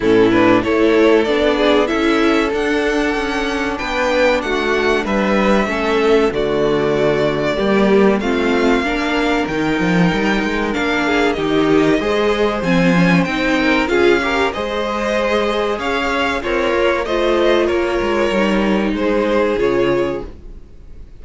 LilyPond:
<<
  \new Staff \with { instrumentName = "violin" } { \time 4/4 \tempo 4 = 95 a'8 b'8 cis''4 d''4 e''4 | fis''2 g''4 fis''4 | e''2 d''2~ | d''4 f''2 g''4~ |
g''4 f''4 dis''2 | gis''4 g''4 f''4 dis''4~ | dis''4 f''4 cis''4 dis''4 | cis''2 c''4 cis''4 | }
  \new Staff \with { instrumentName = "violin" } { \time 4/4 e'4 a'4. gis'8 a'4~ | a'2 b'4 fis'4 | b'4 a'4 fis'2 | g'4 f'4 ais'2~ |
ais'4. gis'8 g'4 c''4~ | c''4. ais'8 gis'8 ais'8 c''4~ | c''4 cis''4 f'4 c''4 | ais'2 gis'2 | }
  \new Staff \with { instrumentName = "viola" } { \time 4/4 cis'8 d'8 e'4 d'4 e'4 | d'1~ | d'4 cis'4 a2 | ais4 c'4 d'4 dis'4~ |
dis'4 d'4 dis'4 gis'4 | c'8 cis'8 dis'4 f'8 g'8 gis'4~ | gis'2 ais'4 f'4~ | f'4 dis'2 f'4 | }
  \new Staff \with { instrumentName = "cello" } { \time 4/4 a,4 a4 b4 cis'4 | d'4 cis'4 b4 a4 | g4 a4 d2 | g4 a4 ais4 dis8 f8 |
g8 gis8 ais4 dis4 gis4 | f4 c'4 cis'4 gis4~ | gis4 cis'4 c'8 ais8 a4 | ais8 gis8 g4 gis4 cis4 | }
>>